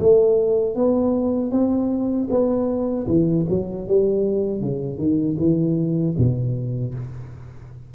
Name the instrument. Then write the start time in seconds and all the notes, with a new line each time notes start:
tuba
0.00 A3
0.76 B3
1.52 C4
2.30 B3
3.08 E3
3.50 F#3
3.88 G3
4.61 C#3
4.98 D#3
5.39 E3
6.18 B2